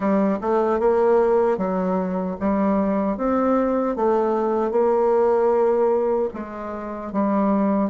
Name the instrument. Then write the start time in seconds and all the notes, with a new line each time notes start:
bassoon
0.00 G3
0.41 A3
0.79 A#3
1.57 F#3
2.40 G3
3.17 C4
3.96 A3
4.71 A#3
6.33 G#3
7.12 G3